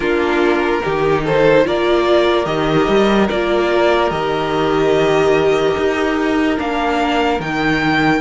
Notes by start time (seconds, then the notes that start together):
0.00 A#3 D4 F4 A#4
0.83 D#3 D#4 G4
1.24 A4 C5
1.63 A#3 F4 A#4 D5
2.45 D#3 G4 D#5
2.88 G3
3.29 A#3 F4 D5
4.10 D#3 G4 D#5
5.77 D#4
6.56 A#3 D4 F5
7.39 D#3 D#4 G5